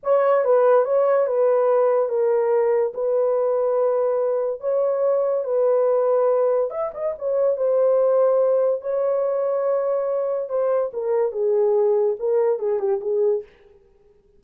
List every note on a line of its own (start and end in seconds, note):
0.03 0.44 C#5
0.44 0.84 B4
0.84 1.26 C#5
1.26 2.09 B4
2.09 2.93 A#4
2.94 4.60 B4
4.60 5.44 C#5
5.44 6.70 B4
6.70 6.91 E5
6.93 7.14 D#5
7.18 7.56 C#5
7.56 8.81 C5
8.81 10.49 C#5
10.49 10.91 C5
10.93 11.32 A#4
11.32 12.16 G#4
12.19 12.59 A#4
12.59 12.79 G#4
12.79 13.00 G4
13.00 13.42 G#4